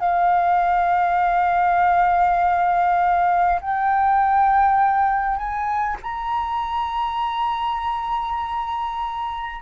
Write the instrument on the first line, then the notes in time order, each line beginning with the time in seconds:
flute
0.00 F5
3.61 G5
5.37 G#5
6.03 A#5